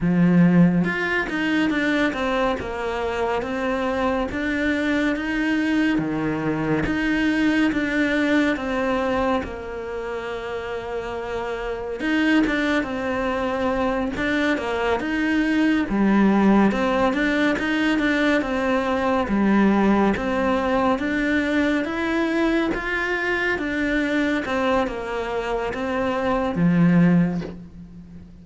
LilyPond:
\new Staff \with { instrumentName = "cello" } { \time 4/4 \tempo 4 = 70 f4 f'8 dis'8 d'8 c'8 ais4 | c'4 d'4 dis'4 dis4 | dis'4 d'4 c'4 ais4~ | ais2 dis'8 d'8 c'4~ |
c'8 d'8 ais8 dis'4 g4 c'8 | d'8 dis'8 d'8 c'4 g4 c'8~ | c'8 d'4 e'4 f'4 d'8~ | d'8 c'8 ais4 c'4 f4 | }